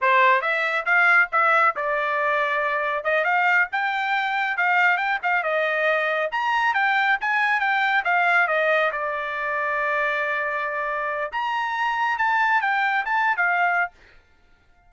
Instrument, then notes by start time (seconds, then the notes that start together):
trumpet
0.01 C5
0.41 E5
0.85 F5
1.32 E5
1.75 D5
3.04 D#5
3.24 F5
3.72 G5
4.57 F5
4.97 G5
5.22 F5
5.43 D#5
6.31 A#5
6.74 G5
7.21 G#5
7.59 G5
8.04 F5
8.47 D#5
8.92 D5
11.32 A#5
12.18 A5
12.61 G5
13.05 A5
13.37 F5